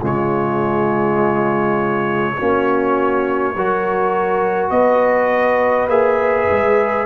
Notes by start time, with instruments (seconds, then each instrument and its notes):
0.00 tuba C#3, trombone G#3, horn F4, trumpet C#5
2.37 tuba A#3, trombone C#4, horn F#4
3.55 tuba F#3, trombone F#4, horn A#4
4.70 tuba B3, horn B4, trumpet D#5
5.88 tuba A#3, trombone G#4, trumpet E5
6.51 tuba G#3